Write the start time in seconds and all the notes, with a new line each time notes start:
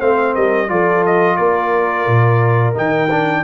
0.00 A3 C4 C5 F5
0.35 G3 A#4 D#5
0.69 F3 F4 A4 D5
1.06 D#5
1.37 A#3 A#4 D5
2.07 A#2
2.75 D#3 D#4 G5
3.11 D4